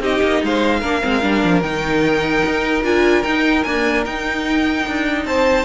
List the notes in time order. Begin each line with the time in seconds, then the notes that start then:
0.00 C4 D#4 G4 D#5
0.22 A#3
0.43 G#3 C5 F5
0.80 A#3 D4 A#4
1.02 G#3 C4
1.22 G3 D4
1.44 F3
1.62 D#3 D#4 G5
2.46 D#4
2.84 D4 F4 G#5
3.23 D#4 G5
3.64 A#3 D4 G#5
4.06 D#4 G5
4.88 D4
5.25 C4 C5 A5